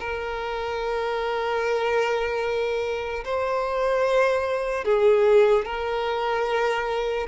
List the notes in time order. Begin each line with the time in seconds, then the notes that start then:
0.00 A#4
3.25 C5
4.85 G#4
5.65 A#4